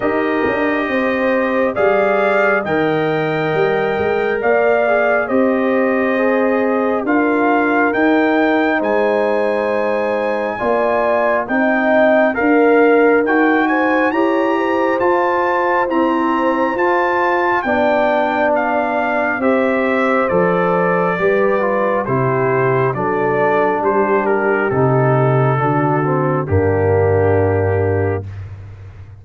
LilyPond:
<<
  \new Staff \with { instrumentName = "trumpet" } { \time 4/4 \tempo 4 = 68 dis''2 f''4 g''4~ | g''4 f''4 dis''2 | f''4 g''4 gis''2~ | gis''4 g''4 f''4 g''8 gis''8 |
ais''4 a''4 ais''4 a''4 | g''4 f''4 e''4 d''4~ | d''4 c''4 d''4 c''8 ais'8 | a'2 g'2 | }
  \new Staff \with { instrumentName = "horn" } { \time 4/4 ais'4 c''4 d''4 dis''4~ | dis''4 d''4 c''2 | ais'2 c''2 | d''4 dis''4 ais'4. c''8 |
cis''8 c''2.~ c''8 | d''2 c''2 | b'4 g'4 a'4 g'4~ | g'4 fis'4 d'2 | }
  \new Staff \with { instrumentName = "trombone" } { \time 4/4 g'2 gis'4 ais'4~ | ais'4. gis'8 g'4 gis'4 | f'4 dis'2. | f'4 dis'4 ais'4 fis'4 |
g'4 f'4 c'4 f'4 | d'2 g'4 a'4 | g'8 f'8 e'4 d'2 | dis'4 d'8 c'8 ais2 | }
  \new Staff \with { instrumentName = "tuba" } { \time 4/4 dis'8 d'8 c'4 g4 dis4 | g8 gis8 ais4 c'2 | d'4 dis'4 gis2 | ais4 c'4 d'4 dis'4 |
e'4 f'4 e'4 f'4 | b2 c'4 f4 | g4 c4 fis4 g4 | c4 d4 g,2 | }
>>